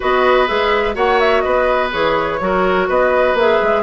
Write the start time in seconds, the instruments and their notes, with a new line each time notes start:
0.00 bassoon B3, clarinet F#4, oboe B4, flute D#5
0.47 bassoon G#3, clarinet G#4, flute E5
0.94 bassoon A#3, clarinet F#4, oboe C#5, flute F#5
1.20 flute E5
1.40 bassoon B3, oboe B4, flute D#5
1.91 bassoon E3, clarinet G#4, flute C#5
2.40 bassoon F#3, clarinet F#4, oboe A#4
2.88 bassoon B3, oboe B4, flute D#5
3.33 bassoon A#3, clarinet G#4, flute E5
3.62 bassoon G#3